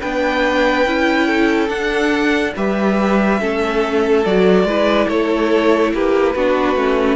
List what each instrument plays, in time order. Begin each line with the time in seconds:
0.00 cello B3, viola D4, violin B4 G5
0.86 cello C#4, viola E4
1.27 violin A4
1.69 viola D4, cello D4, violin F#5
2.56 cello G3, viola G4, violin B4 E5
3.39 cello A3, viola C#4, violin A4
4.25 cello F#3, viola F#4, violin D5
4.64 cello G#3, viola E4, violin B4
5.07 cello A3, violin A4 C#5
5.93 cello A#3, violin G4 B4
6.35 cello B3, viola D4, violin F#4
6.75 cello A3, viola C#4